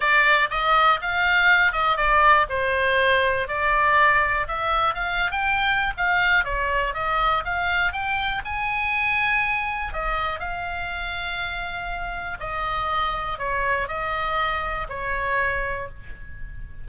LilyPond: \new Staff \with { instrumentName = "oboe" } { \time 4/4 \tempo 4 = 121 d''4 dis''4 f''4. dis''8 | d''4 c''2 d''4~ | d''4 e''4 f''8. g''4~ g''16 | f''4 cis''4 dis''4 f''4 |
g''4 gis''2. | dis''4 f''2.~ | f''4 dis''2 cis''4 | dis''2 cis''2 | }